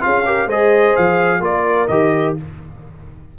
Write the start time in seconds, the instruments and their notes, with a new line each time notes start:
0.00 tuba C#4, trombone F4, horn G#4, trumpet F5
0.26 trombone G4, horn A#4
0.46 tuba G#3, trombone G#4, horn C5, trumpet D#5
0.96 tuba F3, trumpet F5
1.40 tuba A#3, trombone F4, horn A#4, trumpet D5
1.88 tuba D#3, trombone G4, trumpet D#5